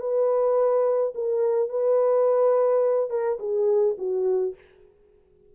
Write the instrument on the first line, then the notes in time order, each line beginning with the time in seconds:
horn
0.00 B4
1.15 A#4
1.69 B4
3.10 A#4
3.39 G#4
3.98 F#4